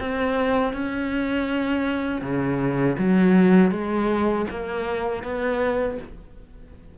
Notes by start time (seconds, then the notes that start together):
0.00 C4
0.73 C#4
2.22 C#3
2.99 F#3
3.71 G#3
4.50 A#3
5.23 B3